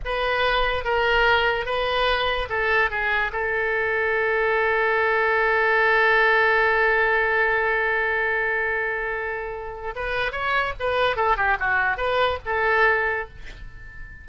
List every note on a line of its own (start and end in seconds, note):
0.05 0.84 B4
0.84 1.65 A#4
1.65 2.48 B4
2.49 2.90 A4
2.90 3.31 G#4
3.32 9.94 A4
9.95 10.31 B4
10.31 10.73 C#5
10.79 11.16 B4
11.16 11.36 A4
11.36 11.57 G4
11.59 11.97 F#4
11.97 12.38 B4
12.45 13.28 A4